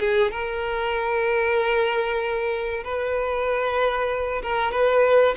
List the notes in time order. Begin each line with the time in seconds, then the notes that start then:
0.00 G#4
0.32 A#4
2.84 B4
4.43 A#4
4.72 B4